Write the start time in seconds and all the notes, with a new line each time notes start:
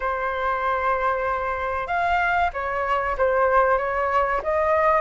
0.00 C5
1.87 F5
2.53 C#5
3.17 C5
3.78 C#5
4.43 D#5